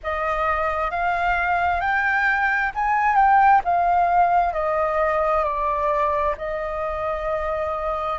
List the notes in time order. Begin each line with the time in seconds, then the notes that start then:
0.03 D#5
0.90 F5
1.81 G5
2.74 G#5
3.15 G5
3.64 F5
4.53 D#5
5.44 D5
6.37 D#5